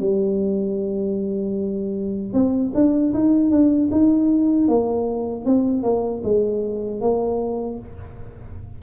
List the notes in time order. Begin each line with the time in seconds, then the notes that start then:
0.00 G3
2.34 C4
2.75 D4
3.14 D#4
3.51 D4
3.92 D#4
4.69 A#3
5.46 C4
5.83 A#3
6.24 G#3
7.01 A#3